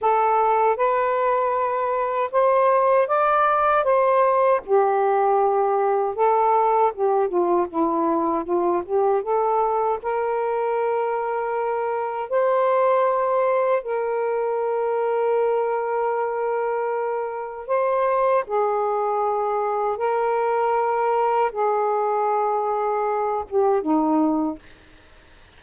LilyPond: \new Staff \with { instrumentName = "saxophone" } { \time 4/4 \tempo 4 = 78 a'4 b'2 c''4 | d''4 c''4 g'2 | a'4 g'8 f'8 e'4 f'8 g'8 | a'4 ais'2. |
c''2 ais'2~ | ais'2. c''4 | gis'2 ais'2 | gis'2~ gis'8 g'8 dis'4 | }